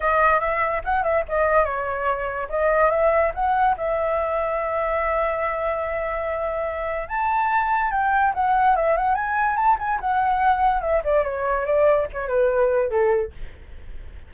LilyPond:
\new Staff \with { instrumentName = "flute" } { \time 4/4 \tempo 4 = 144 dis''4 e''4 fis''8 e''8 dis''4 | cis''2 dis''4 e''4 | fis''4 e''2.~ | e''1~ |
e''4 a''2 g''4 | fis''4 e''8 fis''8 gis''4 a''8 gis''8 | fis''2 e''8 d''8 cis''4 | d''4 cis''8 b'4. a'4 | }